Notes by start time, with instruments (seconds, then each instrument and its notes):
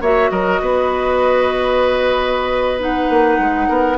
0.00 bassoon A#3, clarinet F#4, oboe C#5, flute E5
0.30 bassoon F#3, oboe A#4, flute D#5
0.60 bassoon B3, oboe B4
2.79 clarinet D#4, flute F#5
3.09 bassoon A#3
3.38 bassoon G#3
3.68 bassoon B3, oboe A#4